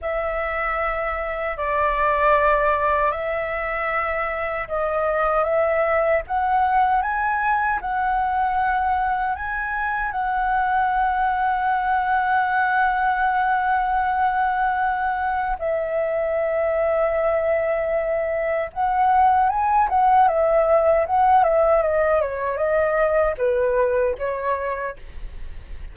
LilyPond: \new Staff \with { instrumentName = "flute" } { \time 4/4 \tempo 4 = 77 e''2 d''2 | e''2 dis''4 e''4 | fis''4 gis''4 fis''2 | gis''4 fis''2.~ |
fis''1 | e''1 | fis''4 gis''8 fis''8 e''4 fis''8 e''8 | dis''8 cis''8 dis''4 b'4 cis''4 | }